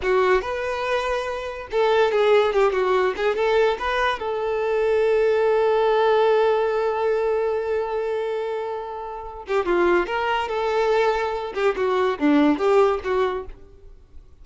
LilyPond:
\new Staff \with { instrumentName = "violin" } { \time 4/4 \tempo 4 = 143 fis'4 b'2. | a'4 gis'4 g'8 fis'4 gis'8 | a'4 b'4 a'2~ | a'1~ |
a'1~ | a'2~ a'8 g'8 f'4 | ais'4 a'2~ a'8 g'8 | fis'4 d'4 g'4 fis'4 | }